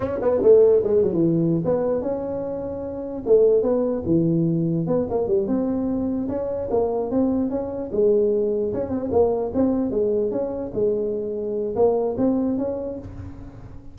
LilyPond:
\new Staff \with { instrumentName = "tuba" } { \time 4/4 \tempo 4 = 148 cis'8 b8 a4 gis8 fis16 e4~ e16 | b4 cis'2. | a4 b4 e2 | b8 ais8 g8 c'2 cis'8~ |
cis'8 ais4 c'4 cis'4 gis8~ | gis4. cis'8 c'8 ais4 c'8~ | c'8 gis4 cis'4 gis4.~ | gis4 ais4 c'4 cis'4 | }